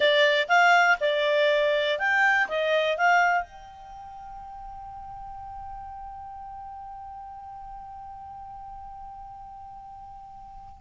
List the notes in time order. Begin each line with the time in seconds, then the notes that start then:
0.00 D5
0.48 F5
1.00 D5
1.98 G5
2.48 D#5
2.97 F5
3.43 G5